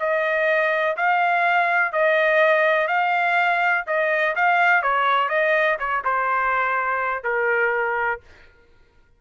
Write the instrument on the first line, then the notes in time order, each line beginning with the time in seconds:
trumpet
0.00 D#5
0.97 F5
1.93 D#5
2.88 F5
3.87 D#5
4.36 F5
4.83 C#5
5.29 D#5
5.79 C#5
6.05 C5
7.24 A#4